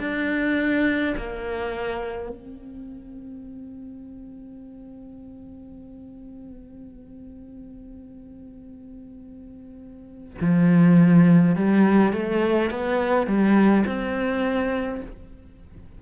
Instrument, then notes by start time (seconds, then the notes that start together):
cello
0.00 D4
1.17 A#3
2.30 C4
10.41 F3
11.56 G3
12.13 A3
12.71 B3
13.27 G3
13.86 C4